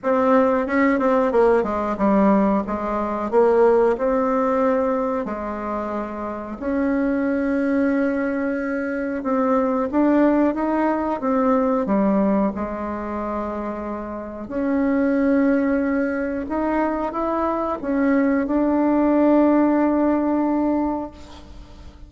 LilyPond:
\new Staff \with { instrumentName = "bassoon" } { \time 4/4 \tempo 4 = 91 c'4 cis'8 c'8 ais8 gis8 g4 | gis4 ais4 c'2 | gis2 cis'2~ | cis'2 c'4 d'4 |
dis'4 c'4 g4 gis4~ | gis2 cis'2~ | cis'4 dis'4 e'4 cis'4 | d'1 | }